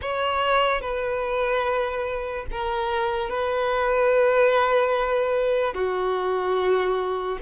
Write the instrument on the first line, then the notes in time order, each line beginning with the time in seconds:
violin
0.01 C#5
0.81 B4
2.51 A#4
3.29 B4
5.73 F#4